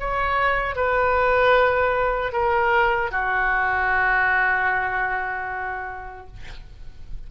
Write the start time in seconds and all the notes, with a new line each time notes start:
0.00 C#5
0.76 B4
2.33 A#4
3.11 F#4